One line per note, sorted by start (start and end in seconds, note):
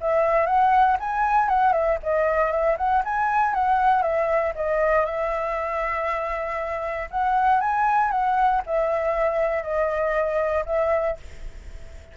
0.00 0.46 E5
0.46 0.97 F#5
0.99 1.48 G#5
1.48 1.72 F#5
1.72 1.98 E5
2.03 2.51 D#5
2.51 2.76 E5
2.77 3.03 F#5
3.04 3.54 G#5
3.54 4.02 F#5
4.02 4.53 E5
4.55 5.05 D#5
5.05 7.08 E5
7.10 7.60 F#5
7.60 8.11 G#5
8.11 8.61 F#5
8.66 9.62 E5
9.62 10.64 D#5
10.65 11.16 E5